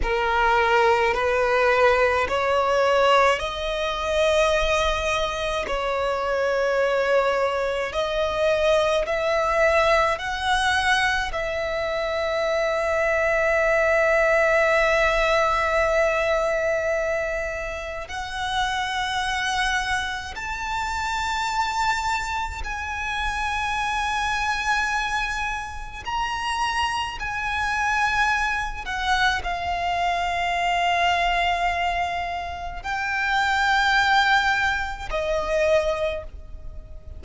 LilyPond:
\new Staff \with { instrumentName = "violin" } { \time 4/4 \tempo 4 = 53 ais'4 b'4 cis''4 dis''4~ | dis''4 cis''2 dis''4 | e''4 fis''4 e''2~ | e''1 |
fis''2 a''2 | gis''2. ais''4 | gis''4. fis''8 f''2~ | f''4 g''2 dis''4 | }